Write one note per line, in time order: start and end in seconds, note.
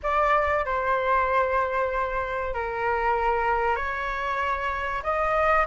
0.02 0.65 D5
0.65 2.53 C5
2.53 3.76 A#4
3.76 5.02 C#5
5.03 5.66 D#5